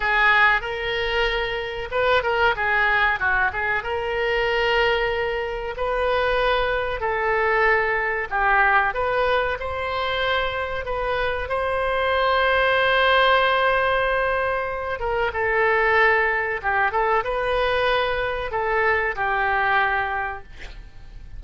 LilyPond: \new Staff \with { instrumentName = "oboe" } { \time 4/4 \tempo 4 = 94 gis'4 ais'2 b'8 ais'8 | gis'4 fis'8 gis'8 ais'2~ | ais'4 b'2 a'4~ | a'4 g'4 b'4 c''4~ |
c''4 b'4 c''2~ | c''2.~ c''8 ais'8 | a'2 g'8 a'8 b'4~ | b'4 a'4 g'2 | }